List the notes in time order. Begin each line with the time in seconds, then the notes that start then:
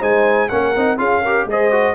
0.00 G#3 D#4 C5 G#5
0.49 A#3 C#4 A#4 F#5
0.76 C4 D#4
0.98 C#4 F4 G#4 F5
1.22 G4 A#4
1.46 G#3 G#4 C5 D#5
1.71 F#4